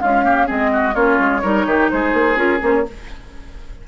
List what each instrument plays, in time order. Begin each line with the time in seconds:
0.00 clarinet G#3, bassoon C#4, oboe F4, flute F5
0.24 clarinet A#3, oboe G4
0.47 bassoon G#3, clarinet C4, oboe G#4, flute D#5
0.73 oboe F#4
0.94 bassoon A#3, clarinet C#4, oboe F4, flute C#5
1.19 bassoon G#3
1.43 bassoon G3, clarinet D#4, oboe A#4
1.66 bassoon D#3, oboe G4
1.90 bassoon G#3, oboe G#4, flute C5
2.14 bassoon A#3
2.36 bassoon C#4, clarinet F4, flute A#4
2.60 bassoon A#3, clarinet C#4, flute C5
2.74 flute C#5